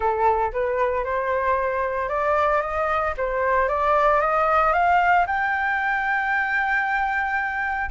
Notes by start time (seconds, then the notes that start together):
0.00 A4
0.52 B4
1.04 C5
2.08 D5
2.61 D#5
3.17 C5
3.68 D5
4.20 D#5
4.72 F5
5.27 G5